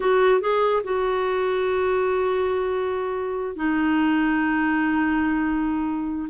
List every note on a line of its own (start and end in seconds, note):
0.00 0.40 F#4
0.40 0.82 G#4
0.83 3.55 F#4
3.55 6.28 D#4